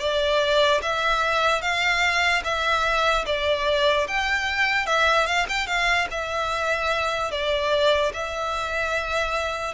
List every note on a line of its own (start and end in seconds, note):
0.00 0.81 D5
0.82 1.61 E5
1.61 2.43 F5
2.44 3.25 E5
3.26 4.07 D5
4.08 4.87 G5
4.87 5.26 E5
5.26 5.47 F5
5.49 5.67 G5
5.67 6.08 F5
6.11 7.31 E5
7.31 8.12 D5
8.13 9.74 E5